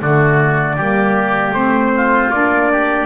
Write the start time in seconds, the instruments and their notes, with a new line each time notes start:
0.00 double bass D3, saxophone A3, oboe F#4, trumpet D5
0.76 double bass G3, saxophone A#3, oboe G4
1.51 double bass A3, saxophone C4, trumpet C5
1.96 oboe F4
2.31 double bass A#3, saxophone D4, trumpet D5
2.72 oboe G4